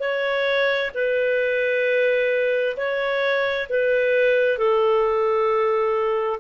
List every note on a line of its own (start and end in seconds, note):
0.00 0.91 C#5
0.95 2.76 B4
2.77 3.68 C#5
3.70 4.58 B4
4.58 6.40 A4